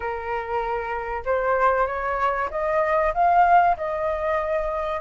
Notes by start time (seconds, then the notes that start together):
0.00 A#4
1.25 C5
1.86 C#5
2.50 D#5
3.14 F5
3.76 D#5